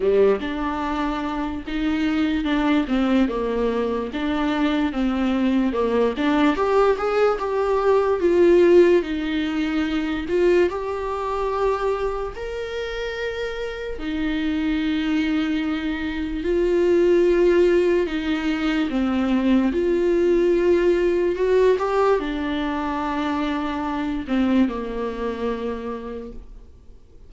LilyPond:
\new Staff \with { instrumentName = "viola" } { \time 4/4 \tempo 4 = 73 g8 d'4. dis'4 d'8 c'8 | ais4 d'4 c'4 ais8 d'8 | g'8 gis'8 g'4 f'4 dis'4~ | dis'8 f'8 g'2 ais'4~ |
ais'4 dis'2. | f'2 dis'4 c'4 | f'2 fis'8 g'8 d'4~ | d'4. c'8 ais2 | }